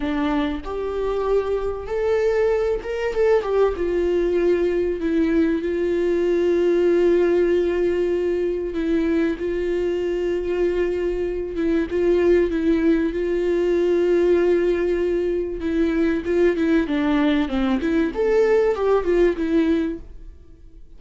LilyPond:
\new Staff \with { instrumentName = "viola" } { \time 4/4 \tempo 4 = 96 d'4 g'2 a'4~ | a'8 ais'8 a'8 g'8 f'2 | e'4 f'2.~ | f'2 e'4 f'4~ |
f'2~ f'8 e'8 f'4 | e'4 f'2.~ | f'4 e'4 f'8 e'8 d'4 | c'8 e'8 a'4 g'8 f'8 e'4 | }